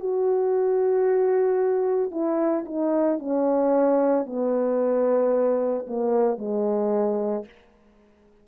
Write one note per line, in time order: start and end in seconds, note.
0.00 2.11 F#4
2.11 2.64 E4
2.65 3.19 D#4
3.19 4.26 C#4
4.26 5.86 B3
5.87 6.38 A#3
6.38 7.45 G#3